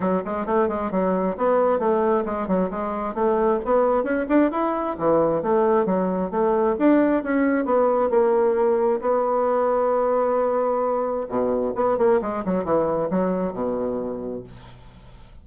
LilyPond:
\new Staff \with { instrumentName = "bassoon" } { \time 4/4 \tempo 4 = 133 fis8 gis8 a8 gis8 fis4 b4 | a4 gis8 fis8 gis4 a4 | b4 cis'8 d'8 e'4 e4 | a4 fis4 a4 d'4 |
cis'4 b4 ais2 | b1~ | b4 b,4 b8 ais8 gis8 fis8 | e4 fis4 b,2 | }